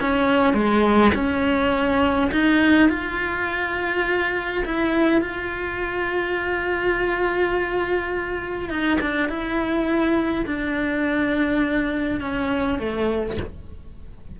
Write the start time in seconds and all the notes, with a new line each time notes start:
0.00 C#4
0.53 G#3
1.14 C#4
2.31 D#4
2.89 F4
4.65 E4
5.21 F4
8.69 D#4
9.01 D4
9.28 E4
10.46 D4
12.20 C#4
12.78 A3